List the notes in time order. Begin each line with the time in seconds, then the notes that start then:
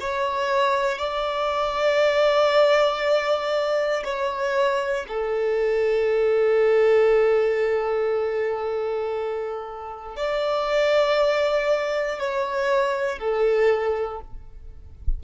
0.00 C#5
0.98 D5
4.04 C#5
5.08 A4
10.16 D5
12.18 C#5
13.18 A4